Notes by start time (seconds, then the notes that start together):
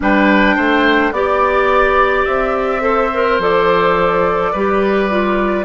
0.00 G3 D4 B4 G5
0.56 A3 C5
1.12 B3 G4 D5
2.25 C4 E5
2.81 A4 C5
3.13 A#4
3.38 F3 A4 D5
4.51 G3 G4 B4
5.09 F4